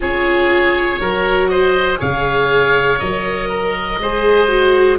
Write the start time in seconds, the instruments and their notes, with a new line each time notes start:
0.00 tuba C#4, viola F4, oboe G#4 C#5
0.99 tuba F#3, viola F#4, oboe A#4
1.49 oboe C5 D#5
1.97 tuba C#3, viola G#4, oboe C#5 F5
2.99 tuba F#3, viola A#4, oboe D#5
3.49 oboe A#4
3.99 tuba G#3, viola G#4, oboe C5
4.47 viola F#4